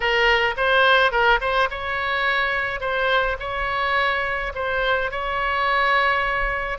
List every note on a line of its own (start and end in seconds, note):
0.00 0.55 A#4
0.56 1.11 C5
1.11 1.39 A#4
1.40 1.69 C5
1.70 2.80 C#5
2.80 3.37 C5
3.39 4.53 C#5
4.54 5.11 C5
5.11 6.78 C#5